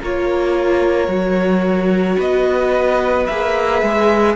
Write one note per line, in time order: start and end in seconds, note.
0.00 1.08 A#3
0.00 1.08 F4
0.00 2.16 A#4
0.00 2.21 C#5
1.08 2.17 F#3
1.08 3.26 F#4
2.16 3.28 B3
2.16 4.34 B4
2.16 3.27 D#5
3.27 3.82 A#3
3.27 4.36 G#4
3.27 4.36 E5
3.82 4.36 G#3